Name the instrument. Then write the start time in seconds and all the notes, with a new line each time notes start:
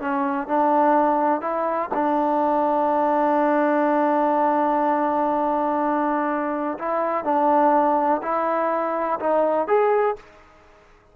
trombone
0.00 C#4
0.47 D4
1.41 E4
1.94 D4
6.78 E4
7.24 D4
8.22 E4
9.19 D#4
9.67 G#4